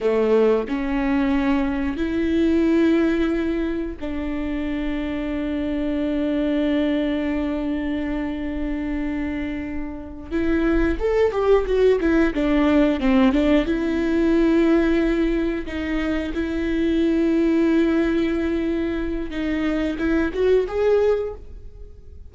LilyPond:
\new Staff \with { instrumentName = "viola" } { \time 4/4 \tempo 4 = 90 a4 cis'2 e'4~ | e'2 d'2~ | d'1~ | d'2.~ d'8 e'8~ |
e'8 a'8 g'8 fis'8 e'8 d'4 c'8 | d'8 e'2. dis'8~ | dis'8 e'2.~ e'8~ | e'4 dis'4 e'8 fis'8 gis'4 | }